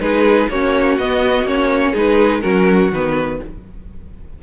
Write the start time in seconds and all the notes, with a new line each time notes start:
0.00 G#3 D#4 G#4 B4
0.50 A#3 C#4 F#4 C#5
0.98 B3 D#5
1.44 A#3 C#4 C#5
1.91 G#3 D#4 G#4
1.97 B4
2.41 F#3 C#4 F#4 A#4
2.92 D#3 B3 B4